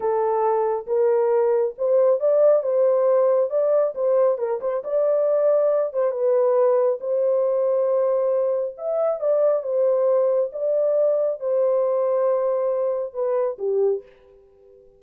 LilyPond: \new Staff \with { instrumentName = "horn" } { \time 4/4 \tempo 4 = 137 a'2 ais'2 | c''4 d''4 c''2 | d''4 c''4 ais'8 c''8 d''4~ | d''4. c''8 b'2 |
c''1 | e''4 d''4 c''2 | d''2 c''2~ | c''2 b'4 g'4 | }